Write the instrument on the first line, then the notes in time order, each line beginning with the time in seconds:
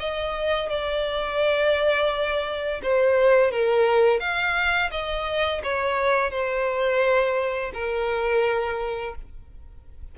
violin
0.00 D#5
0.70 D5
2.83 C5
3.52 A#4
4.20 F5
4.92 D#5
5.64 C#5
6.31 C5
7.74 A#4